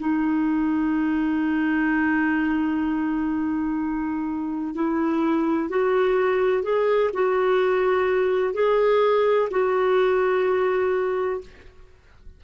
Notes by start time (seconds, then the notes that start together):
0.00 D#4
4.75 E4
5.70 F#4
6.63 G#4
7.13 F#4
8.54 G#4
9.51 F#4